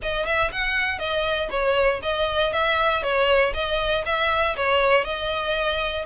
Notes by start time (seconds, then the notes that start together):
0.02 D#5
0.26 E5
0.52 F#5
0.98 D#5
1.50 C#5
2.02 D#5
2.53 E5
3.02 C#5
3.53 D#5
4.05 E5
4.56 C#5
5.04 D#5